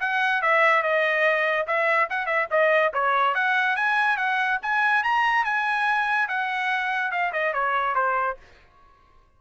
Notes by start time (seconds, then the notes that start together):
0.00 F#5
0.42 E5
0.83 D#5
1.67 E5
2.10 F#5
2.26 E5
2.51 D#5
2.94 C#5
3.35 F#5
3.76 G#5
4.17 F#5
4.62 G#5
5.04 A#5
5.45 G#5
6.28 F#5
7.11 F5
7.33 D#5
7.53 C#5
7.95 C5